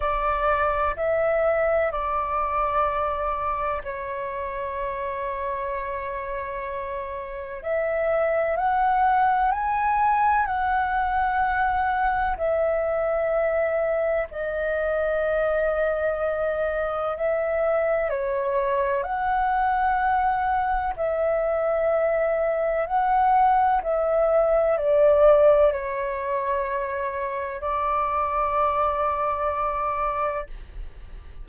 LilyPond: \new Staff \with { instrumentName = "flute" } { \time 4/4 \tempo 4 = 63 d''4 e''4 d''2 | cis''1 | e''4 fis''4 gis''4 fis''4~ | fis''4 e''2 dis''4~ |
dis''2 e''4 cis''4 | fis''2 e''2 | fis''4 e''4 d''4 cis''4~ | cis''4 d''2. | }